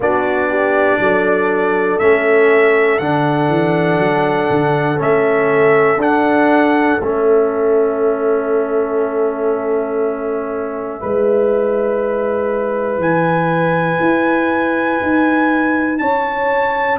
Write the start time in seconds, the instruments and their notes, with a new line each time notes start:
0.00 tuba B3, trombone D4, horn F#4, trumpet D5
0.49 horn G4
0.98 tuba F#3, horn A4
1.98 tuba A3, trombone C#4, trumpet E5
2.99 tuba D3, trombone D4, trumpet F#5
3.49 tuba E3
3.99 tuba F#3
4.49 tuba D3
4.97 tuba A3, trombone C#4, trumpet E5
5.96 tuba D4, trombone D4, trumpet F#5
7.00 tuba A3, trombone C#4, trumpet E5
10.99 tuba G#3, trombone E4, horn B4
12.98 tuba E3, trumpet G#5
14.00 tuba E4
15.01 tuba D#4
15.98 tuba C#4, horn C#5, trumpet A5